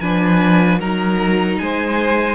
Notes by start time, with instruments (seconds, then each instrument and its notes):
0.00 cello F3, viola D4, violin B4 G#5
0.78 cello F#3, viola D#4, violin A#4 A#5
1.59 cello G#3, violin C5 G#5